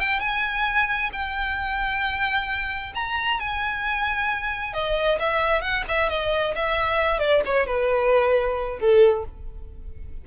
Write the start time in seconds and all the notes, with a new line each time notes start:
0.00 G5
0.20 G#5
1.13 G5
2.95 A#5
3.40 G#5
4.74 D#5
5.20 E5
5.61 F#5
5.89 E5
6.10 D#5
6.56 E5
7.19 D5
7.46 C#5
7.67 B4
8.79 A4